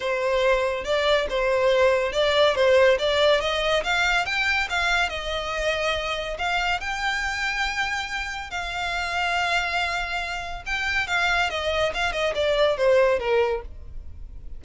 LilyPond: \new Staff \with { instrumentName = "violin" } { \time 4/4 \tempo 4 = 141 c''2 d''4 c''4~ | c''4 d''4 c''4 d''4 | dis''4 f''4 g''4 f''4 | dis''2. f''4 |
g''1 | f''1~ | f''4 g''4 f''4 dis''4 | f''8 dis''8 d''4 c''4 ais'4 | }